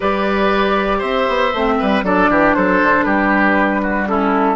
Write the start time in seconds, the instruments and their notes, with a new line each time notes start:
0.00 bassoon G3, clarinet G4, oboe B4, flute D5
0.98 bassoon C4, oboe C5, flute E5
1.28 bassoon B3
1.53 bassoon A3, clarinet C4
1.78 bassoon G3, oboe B4
2.03 bassoon F#3, clarinet D4, oboe A4, flute D5
2.29 bassoon E3, oboe G4
2.54 bassoon F#3, oboe A4, flute C5
2.82 bassoon D3
3.03 bassoon G3, oboe G4, flute B4
3.82 oboe F#4
4.07 clarinet C#4, oboe E4, flute A4